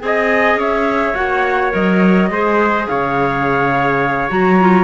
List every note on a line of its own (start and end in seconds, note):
0.00 0.56 C4
0.00 1.15 G#4
0.00 0.59 D#5
0.00 0.57 G#5
0.56 1.13 C#4
0.56 2.31 C#5
0.56 1.15 E5
1.15 1.73 A#3
1.15 1.71 F#4
1.15 1.72 F#5
1.71 2.30 F#3
1.71 2.28 A#4
1.71 2.87 D#5
2.30 2.87 G#3
2.30 4.29 G#4
2.30 2.89 C5
2.87 4.30 C#3
2.87 4.84 C#5
2.87 4.30 F5
4.29 4.84 F#3
4.29 4.58 F#4
4.29 4.84 A#5
4.61 4.84 F4